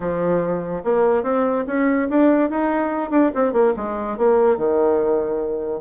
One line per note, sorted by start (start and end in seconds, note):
0.00 0.83 F3
0.84 1.23 A#3
1.23 1.64 C4
1.66 2.08 C#4
2.09 2.50 D4
2.50 3.10 D#4
3.10 3.31 D4
3.34 3.52 C4
3.52 3.73 A#3
3.76 4.17 G#3
4.17 4.57 A#3
4.57 5.81 D#3